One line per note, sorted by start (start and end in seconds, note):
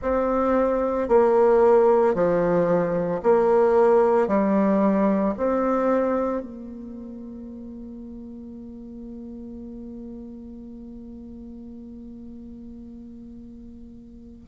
0.02 1.08 C4
1.08 2.14 A#3
2.14 3.21 F3
3.22 4.27 A#3
4.27 5.34 G3
5.37 6.40 C4
6.40 14.44 A#3